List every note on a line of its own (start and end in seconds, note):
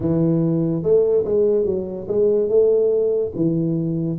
0.00 0.83 E3
0.83 1.24 A3
1.25 1.65 G#3
1.65 2.07 F#3
2.08 2.48 G#3
2.48 3.31 A3
3.35 4.19 E3